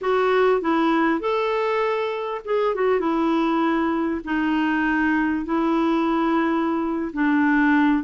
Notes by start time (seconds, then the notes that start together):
0.01 F#4
0.61 E4
1.20 A4
2.45 G#4
2.74 F#4
2.99 E4
4.24 D#4
5.45 E4
7.13 D4